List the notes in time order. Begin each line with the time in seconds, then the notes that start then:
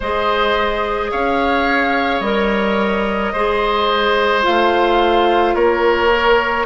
0.00 G#3 G#4 C5 D#5
1.11 C#4 C#5 F5
2.20 G3 A#4 D#5
3.32 G#3 G#4 C5
4.41 F4 F5
4.47 A3
5.54 A#3 A#4 C#5
6.12 A#4